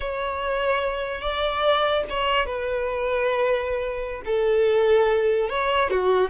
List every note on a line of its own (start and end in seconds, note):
0.00 1.21 C#5
1.21 2.03 D5
2.09 2.46 C#5
2.46 4.22 B4
4.25 5.49 A4
5.49 5.90 C#5
5.90 6.30 F#4